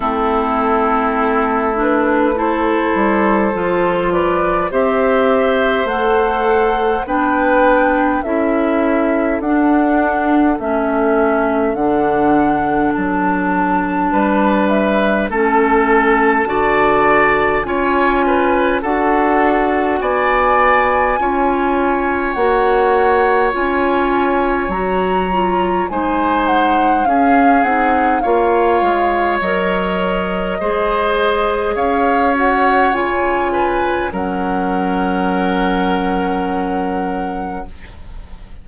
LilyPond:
<<
  \new Staff \with { instrumentName = "flute" } { \time 4/4 \tempo 4 = 51 a'4. b'8 c''4. d''8 | e''4 fis''4 g''4 e''4 | fis''4 e''4 fis''4 a''4~ | a''8 e''8 a''2 gis''4 |
fis''4 gis''2 fis''4 | gis''4 ais''4 gis''8 fis''8 f''8 fis''8 | f''4 dis''2 f''8 fis''8 | gis''4 fis''2. | }
  \new Staff \with { instrumentName = "oboe" } { \time 4/4 e'2 a'4. b'8 | c''2 b'4 a'4~ | a'1 | b'4 a'4 d''4 cis''8 b'8 |
a'4 d''4 cis''2~ | cis''2 c''4 gis'4 | cis''2 c''4 cis''4~ | cis''8 b'8 ais'2. | }
  \new Staff \with { instrumentName = "clarinet" } { \time 4/4 c'4. d'8 e'4 f'4 | g'4 a'4 d'4 e'4 | d'4 cis'4 d'2~ | d'4 cis'4 fis'4 f'4 |
fis'2 f'4 fis'4 | f'4 fis'8 f'8 dis'4 cis'8 dis'8 | f'4 ais'4 gis'4. fis'8 | f'4 cis'2. | }
  \new Staff \with { instrumentName = "bassoon" } { \time 4/4 a2~ a8 g8 f4 | c'4 a4 b4 cis'4 | d'4 a4 d4 fis4 | g4 a4 d4 cis'4 |
d'4 b4 cis'4 ais4 | cis'4 fis4 gis4 cis'8 c'8 | ais8 gis8 fis4 gis4 cis'4 | cis4 fis2. | }
>>